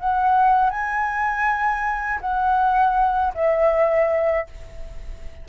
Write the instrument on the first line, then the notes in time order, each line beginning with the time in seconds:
flute
0.00 F#5
0.70 G#5
2.21 F#5
3.35 E5